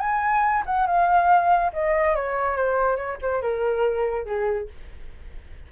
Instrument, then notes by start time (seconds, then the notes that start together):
flute
0.00 G#5
0.66 F#5
0.87 F5
1.74 D#5
2.16 C#5
2.57 C5
2.97 C#5
3.22 C5
3.42 A#4
4.26 G#4